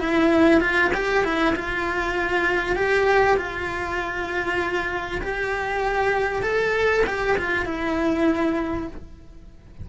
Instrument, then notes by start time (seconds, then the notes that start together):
cello
0.00 E4
0.61 F4
0.95 G4
1.24 E4
1.56 F4
2.76 G4
3.38 F4
5.22 G4
6.43 A4
7.07 G4
7.37 F4
7.66 E4